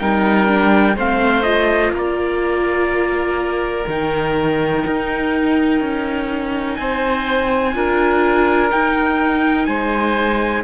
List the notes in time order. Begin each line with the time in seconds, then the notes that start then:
0.00 G3 D#4 A#4 G5
0.47 D4
0.96 A3 C4 C5 F5
1.43 F4 D#5
1.92 A#3 A#4 D5
3.87 D#3 D#4 G5
4.87 D#4
5.81 C#4
6.76 C4 C5 G#5
7.74 D4 F4 A#4
8.70 D#4 G5
9.66 G#3 C5 G#5